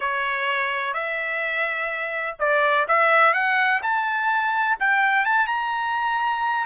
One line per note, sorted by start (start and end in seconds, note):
0.00 0.93 C#5
0.93 2.36 E5
2.39 2.87 D5
2.87 3.33 E5
3.33 3.81 F#5
3.82 4.77 A5
4.79 5.25 G5
5.25 5.47 A5
5.47 6.66 A#5